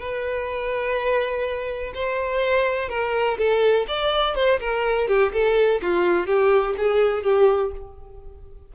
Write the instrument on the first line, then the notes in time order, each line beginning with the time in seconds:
violin
0.00 B4
1.95 C5
2.89 A#4
3.38 A4
3.88 D5
4.35 C5
4.60 A#4
5.08 G4
5.33 A4
5.82 F4
6.27 G4
6.78 G#4
7.23 G4